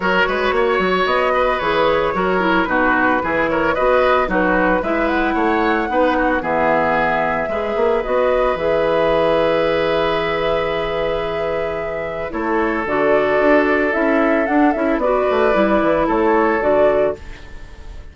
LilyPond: <<
  \new Staff \with { instrumentName = "flute" } { \time 4/4 \tempo 4 = 112 cis''2 dis''4 cis''4~ | cis''4 b'4. cis''8 dis''4 | b'4 e''8 fis''2~ fis''8 | e''2. dis''4 |
e''1~ | e''2. cis''4 | d''2 e''4 fis''8 e''8 | d''2 cis''4 d''4 | }
  \new Staff \with { instrumentName = "oboe" } { \time 4/4 ais'8 b'8 cis''4. b'4. | ais'4 fis'4 gis'8 ais'8 b'4 | fis'4 b'4 cis''4 b'8 fis'8 | gis'2 b'2~ |
b'1~ | b'2. a'4~ | a'1 | b'2 a'2 | }
  \new Staff \with { instrumentName = "clarinet" } { \time 4/4 fis'2. gis'4 | fis'8 e'8 dis'4 e'4 fis'4 | dis'4 e'2 dis'4 | b2 gis'4 fis'4 |
gis'1~ | gis'2. e'4 | fis'2 e'4 d'8 e'8 | fis'4 e'2 fis'4 | }
  \new Staff \with { instrumentName = "bassoon" } { \time 4/4 fis8 gis8 ais8 fis8 b4 e4 | fis4 b,4 e4 b4 | fis4 gis4 a4 b4 | e2 gis8 ais8 b4 |
e1~ | e2. a4 | d4 d'4 cis'4 d'8 cis'8 | b8 a8 g8 e8 a4 d4 | }
>>